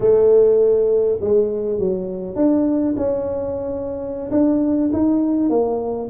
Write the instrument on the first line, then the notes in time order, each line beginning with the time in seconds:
tuba
0.00 A3
1.20 G#3
1.78 F#3
2.35 D4
2.96 C#4
4.31 D4
4.93 D#4
5.49 A#3